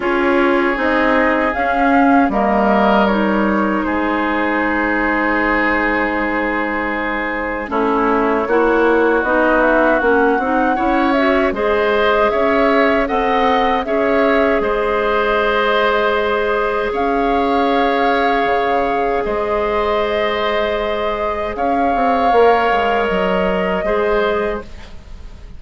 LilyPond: <<
  \new Staff \with { instrumentName = "flute" } { \time 4/4 \tempo 4 = 78 cis''4 dis''4 f''4 dis''4 | cis''4 c''2.~ | c''2 cis''2 | dis''8 e''8 fis''4. e''8 dis''4 |
e''4 fis''4 e''4 dis''4~ | dis''2 f''2~ | f''4 dis''2. | f''2 dis''2 | }
  \new Staff \with { instrumentName = "oboe" } { \time 4/4 gis'2. ais'4~ | ais'4 gis'2.~ | gis'2 e'4 fis'4~ | fis'2 cis''4 c''4 |
cis''4 dis''4 cis''4 c''4~ | c''2 cis''2~ | cis''4 c''2. | cis''2. c''4 | }
  \new Staff \with { instrumentName = "clarinet" } { \time 4/4 f'4 dis'4 cis'4 ais4 | dis'1~ | dis'2 cis'4 e'4 | dis'4 cis'8 dis'8 e'8 fis'8 gis'4~ |
gis'4 a'4 gis'2~ | gis'1~ | gis'1~ | gis'4 ais'2 gis'4 | }
  \new Staff \with { instrumentName = "bassoon" } { \time 4/4 cis'4 c'4 cis'4 g4~ | g4 gis2.~ | gis2 a4 ais4 | b4 ais8 c'8 cis'4 gis4 |
cis'4 c'4 cis'4 gis4~ | gis2 cis'2 | cis4 gis2. | cis'8 c'8 ais8 gis8 fis4 gis4 | }
>>